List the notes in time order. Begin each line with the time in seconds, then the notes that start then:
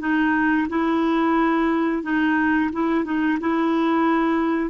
0.00 D#4
0.69 E4
2.03 D#4
2.73 E4
3.05 D#4
3.40 E4